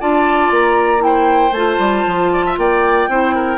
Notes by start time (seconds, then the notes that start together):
0.00 D4 F4 D5 A5
0.51 A#3 A#5
0.99 E4 G5
1.06 C5
1.51 A3 F4 A5
1.79 G3
2.07 F3
2.32 D5
2.46 E5
2.57 A#3 D5 G5
3.08 C4 E4 C5
3.35 A#4